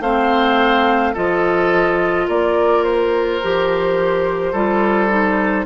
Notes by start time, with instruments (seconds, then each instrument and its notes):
0.00 bassoon A3, clarinet C4, oboe C5, flute F5
1.13 bassoon F3, clarinet F4, oboe A4, flute D#5
2.27 bassoon A#3, oboe A#4, flute D5
2.83 flute C5
3.42 bassoon F3, clarinet G4
4.52 bassoon G3, clarinet F4, oboe A4
5.08 clarinet D#4